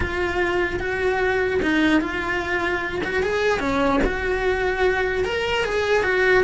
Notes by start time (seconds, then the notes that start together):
0.00 F4
0.79 F#4
1.62 D#4
2.00 F4
3.04 F#4
3.22 G#4
3.59 C#4
4.04 F#4
5.24 A#4
5.64 G#4
6.03 F#4